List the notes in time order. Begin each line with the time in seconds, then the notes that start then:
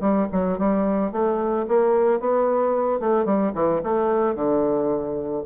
0.00 G3
0.32 F#3
0.58 G3
1.12 A3
1.68 A#3
2.19 B3
3.00 A3
3.25 G3
3.54 E3
3.83 A3
4.35 D3